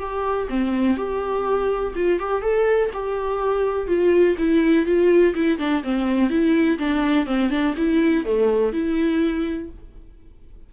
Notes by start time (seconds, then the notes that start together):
0.00 G4
0.50 C4
0.97 G4
1.96 F4
2.20 G4
2.42 A4
2.94 G4
3.88 F4
4.39 E4
4.86 F4
5.35 E4
5.59 D4
5.84 C4
6.30 E4
6.79 D4
7.27 C4
7.51 D4
7.77 E4
8.25 A3
8.73 E4